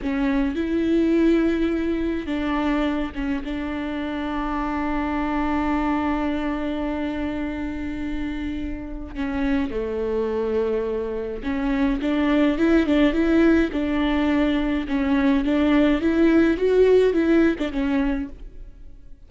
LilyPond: \new Staff \with { instrumentName = "viola" } { \time 4/4 \tempo 4 = 105 cis'4 e'2. | d'4. cis'8 d'2~ | d'1~ | d'1 |
cis'4 a2. | cis'4 d'4 e'8 d'8 e'4 | d'2 cis'4 d'4 | e'4 fis'4 e'8. d'16 cis'4 | }